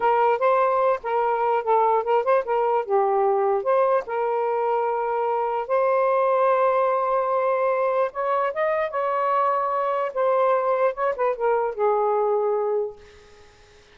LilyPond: \new Staff \with { instrumentName = "saxophone" } { \time 4/4 \tempo 4 = 148 ais'4 c''4. ais'4. | a'4 ais'8 c''8 ais'4 g'4~ | g'4 c''4 ais'2~ | ais'2 c''2~ |
c''1 | cis''4 dis''4 cis''2~ | cis''4 c''2 cis''8 b'8 | ais'4 gis'2. | }